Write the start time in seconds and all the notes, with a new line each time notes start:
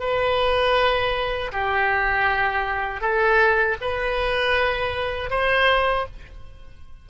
0.00 B4
1.52 G4
3.01 A4
3.81 B4
5.30 C5